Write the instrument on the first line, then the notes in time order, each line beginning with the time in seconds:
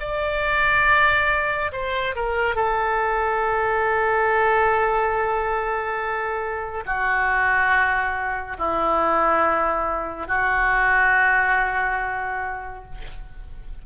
oboe
0.00 D5
1.72 C5
2.15 A#4
2.56 A4
6.86 F#4
8.58 E4
10.27 F#4